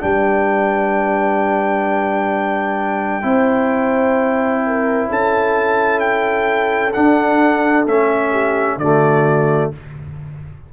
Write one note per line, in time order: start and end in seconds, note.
0.00 3.23 G3
0.00 3.22 D4
0.00 3.25 B4
0.00 5.09 G5
3.22 5.08 C4
3.22 6.91 E4
3.22 4.63 C5
4.66 5.08 A#4
5.08 6.94 C#4
5.08 8.31 A4
5.08 6.00 A5
6.00 6.92 G5
6.93 7.87 D4
6.93 7.86 D4
6.93 7.85 F#5
7.86 8.77 A3
7.86 8.80 C#4
7.86 8.78 E5
8.31 8.77 G4
8.77 9.69 D3
8.77 9.73 A3
8.77 9.73 F#4
8.77 9.71 D5